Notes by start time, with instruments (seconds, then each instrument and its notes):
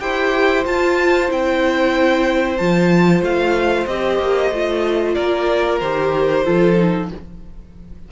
0.00 cello E4, viola G4, violin C5 G5
0.65 viola F4, cello F4, violin A5
1.28 cello C4, viola E4, violin G5
2.57 cello F3, viola F4, violin A5
3.22 cello A3, violin F5
3.87 cello C4, viola G4, violin D#5
4.19 cello A#3
4.51 cello A3, viola F4
5.14 cello A#3, violin A#4 D5
5.80 cello D#3, viola G4, violin C5
6.45 cello F3, viola F4, violin A4
6.76 viola D#4